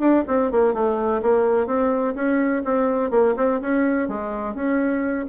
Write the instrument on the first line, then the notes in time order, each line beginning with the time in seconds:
bassoon
0.00 D4
0.27 C4
0.51 A#3
0.74 A3
1.22 A#3
1.67 C4
2.15 C#4
2.65 C4
3.11 A#3
3.37 C4
3.61 C#4
4.08 G#3
4.55 C#4